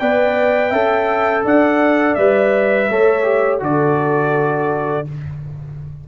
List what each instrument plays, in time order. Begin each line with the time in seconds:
0.00 tuba B3, trombone B4, horn D5, trumpet G5
0.70 tuba C#4, trombone A4, horn E5
1.44 tuba D4, horn D5, trumpet F#5
2.15 tuba G3, trombone B4, trumpet E5
2.90 tuba A3, trombone A4, horn C#5
3.24 trombone G4
3.60 tuba D3, trombone F#4, horn A4, trumpet D5